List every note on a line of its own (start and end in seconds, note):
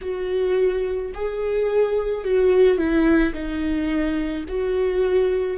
0.01 1.12 F#4
1.14 2.24 G#4
2.24 2.77 F#4
2.77 3.33 E4
3.33 4.44 D#4
4.48 5.57 F#4